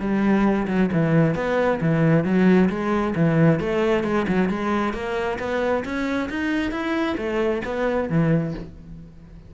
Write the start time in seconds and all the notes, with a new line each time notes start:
0.00 G3
0.67 F#3
0.92 E3
1.35 B3
1.81 E3
2.24 F#3
2.69 G#3
3.15 E3
3.60 A3
4.04 G#3
4.28 F#3
4.49 G#3
4.93 A#3
5.39 B3
5.84 C#4
6.29 D#4
6.71 E4
7.17 A3
7.65 B3
8.09 E3